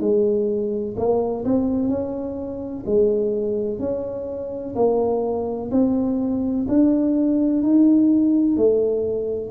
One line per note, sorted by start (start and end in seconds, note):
0.00 0.95 G#3
0.97 1.44 A#3
1.45 1.88 C4
1.88 2.84 C#4
2.86 3.79 G#3
3.79 4.74 C#4
4.75 5.70 A#3
5.71 6.66 C4
6.68 7.62 D4
7.62 8.57 D#4
8.57 9.51 A3